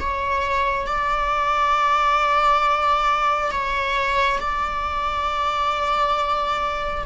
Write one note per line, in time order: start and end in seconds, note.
0.00 0.87 C#5
0.87 3.51 D5
3.51 4.40 C#5
4.40 7.05 D5